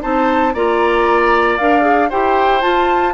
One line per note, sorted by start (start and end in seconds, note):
0.00 0.54 C4
0.00 0.52 D#4
0.00 0.54 C5
0.00 0.54 A5
0.54 1.59 A#3
0.54 1.59 F4
0.54 2.09 D5
0.54 1.57 A#5
1.57 2.12 D4
1.57 1.81 A#4
1.57 2.09 F5
1.81 2.07 G#4
2.09 2.63 E4
2.09 2.61 G4
2.09 3.13 C5
2.09 2.61 G5
2.61 3.13 F4
2.61 3.13 A5